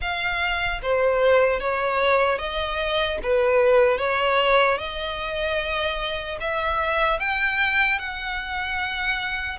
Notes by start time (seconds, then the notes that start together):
0.01 F5
0.82 C5
1.60 C#5
2.38 D#5
3.23 B4
3.98 C#5
4.78 D#5
6.40 E5
7.19 G5
7.98 F#5